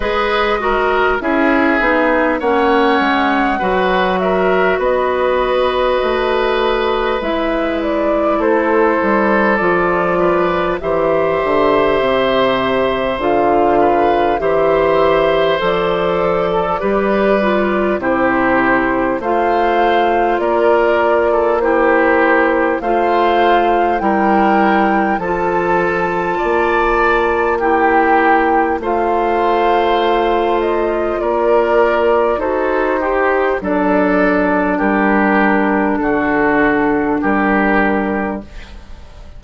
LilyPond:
<<
  \new Staff \with { instrumentName = "flute" } { \time 4/4 \tempo 4 = 50 dis''4 e''4 fis''4. e''8 | dis''2 e''8 d''8 c''4 | d''4 e''2 f''4 | e''4 d''2 c''4 |
f''4 d''4 c''4 f''4 | g''4 a''2 g''4 | f''4. dis''8 d''4 c''4 | d''4 ais'4 a'4 ais'4 | }
  \new Staff \with { instrumentName = "oboe" } { \time 4/4 b'8 ais'8 gis'4 cis''4 b'8 ais'8 | b'2. a'4~ | a'8 b'8 c''2~ c''8 b'8 | c''4.~ c''16 a'16 b'4 g'4 |
c''4 ais'8. a'16 g'4 c''4 | ais'4 a'4 d''4 g'4 | c''2 ais'4 a'8 g'8 | a'4 g'4 fis'4 g'4 | }
  \new Staff \with { instrumentName = "clarinet" } { \time 4/4 gis'8 fis'8 e'8 dis'8 cis'4 fis'4~ | fis'2 e'2 | f'4 g'2 f'4 | g'4 a'4 g'8 f'8 e'4 |
f'2 e'4 f'4 | e'4 f'2 e'4 | f'2. fis'8 g'8 | d'1 | }
  \new Staff \with { instrumentName = "bassoon" } { \time 4/4 gis4 cis'8 b8 ais8 gis8 fis4 | b4 a4 gis4 a8 g8 | f4 e8 d8 c4 d4 | e4 f4 g4 c4 |
a4 ais2 a4 | g4 f4 ais2 | a2 ais4 dis'4 | fis4 g4 d4 g4 | }
>>